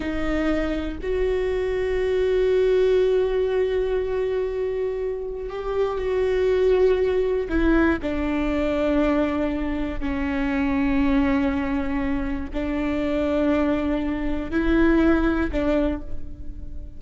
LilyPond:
\new Staff \with { instrumentName = "viola" } { \time 4/4 \tempo 4 = 120 dis'2 fis'2~ | fis'1~ | fis'2. g'4 | fis'2. e'4 |
d'1 | cis'1~ | cis'4 d'2.~ | d'4 e'2 d'4 | }